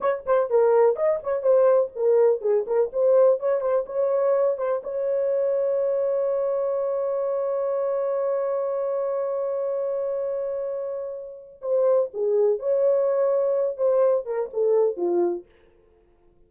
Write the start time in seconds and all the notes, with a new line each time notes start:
0.00 C#5
0.26 C5
0.49 A#4
0.96 D#5
1.23 C#5
1.42 C5
1.95 A#4
2.41 G#4
2.66 A#4
2.92 C5
3.39 C#5
3.60 C5
3.86 C#5
4.57 C5
4.83 C#5
11.61 C5
12.13 G#4
12.59 C#5
13.77 C5
14.25 A#4
14.53 A4
14.96 F4